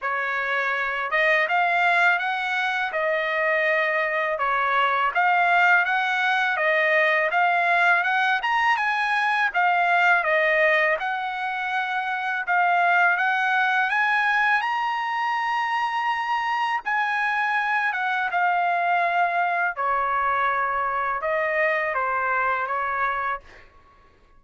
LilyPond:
\new Staff \with { instrumentName = "trumpet" } { \time 4/4 \tempo 4 = 82 cis''4. dis''8 f''4 fis''4 | dis''2 cis''4 f''4 | fis''4 dis''4 f''4 fis''8 ais''8 | gis''4 f''4 dis''4 fis''4~ |
fis''4 f''4 fis''4 gis''4 | ais''2. gis''4~ | gis''8 fis''8 f''2 cis''4~ | cis''4 dis''4 c''4 cis''4 | }